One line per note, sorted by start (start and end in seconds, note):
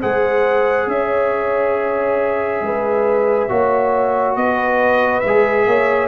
0.00 0.87 G#3
0.00 3.49 G#4
0.00 0.87 C5
0.00 0.89 F#5
0.87 2.61 C#4
0.87 2.64 C#5
0.87 4.36 E5
2.61 3.48 G#3
2.61 3.50 B4
3.49 4.36 A#3
3.49 5.23 F#4
3.49 4.37 C#5
4.36 5.23 B3
4.36 5.67 B4
4.36 5.20 D#5
5.20 5.66 G#3
5.20 6.07 E5
5.27 6.08 G#4
5.66 6.08 A#3
5.66 6.08 C#5